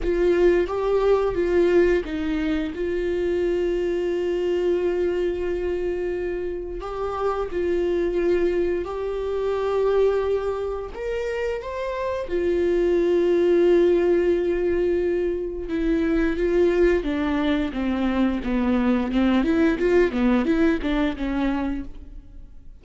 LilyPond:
\new Staff \with { instrumentName = "viola" } { \time 4/4 \tempo 4 = 88 f'4 g'4 f'4 dis'4 | f'1~ | f'2 g'4 f'4~ | f'4 g'2. |
ais'4 c''4 f'2~ | f'2. e'4 | f'4 d'4 c'4 b4 | c'8 e'8 f'8 b8 e'8 d'8 cis'4 | }